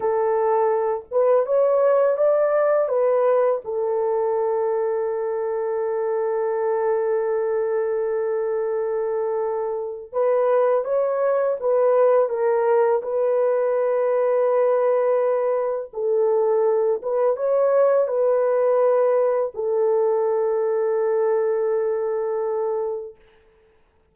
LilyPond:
\new Staff \with { instrumentName = "horn" } { \time 4/4 \tempo 4 = 83 a'4. b'8 cis''4 d''4 | b'4 a'2.~ | a'1~ | a'2 b'4 cis''4 |
b'4 ais'4 b'2~ | b'2 a'4. b'8 | cis''4 b'2 a'4~ | a'1 | }